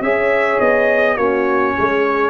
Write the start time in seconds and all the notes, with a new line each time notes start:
0.00 C#4 G#4 C#5 E5
0.60 B3 D#5
1.16 A#3 C#4 F#4 C#5
1.74 G#3 G#4